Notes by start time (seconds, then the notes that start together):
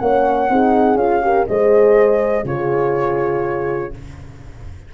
0.00 A#3 C#4 C#5 F#5
0.50 C4 D#4 G#4
0.96 C#4 F4 F5
1.23 G4 A#4
1.47 G#3 G#4 C5 D#5
2.45 C#3 F4 G#4 C#5